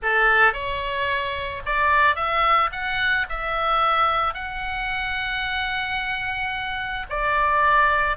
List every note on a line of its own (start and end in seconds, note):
0.02 0.53 A4
0.53 1.62 C#5
1.65 2.15 D5
2.15 2.70 E5
2.71 3.26 F#5
3.29 4.33 E5
4.33 7.06 F#5
7.09 8.16 D5